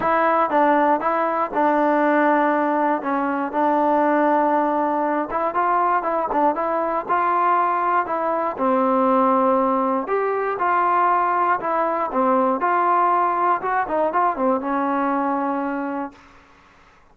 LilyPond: \new Staff \with { instrumentName = "trombone" } { \time 4/4 \tempo 4 = 119 e'4 d'4 e'4 d'4~ | d'2 cis'4 d'4~ | d'2~ d'8 e'8 f'4 | e'8 d'8 e'4 f'2 |
e'4 c'2. | g'4 f'2 e'4 | c'4 f'2 fis'8 dis'8 | f'8 c'8 cis'2. | }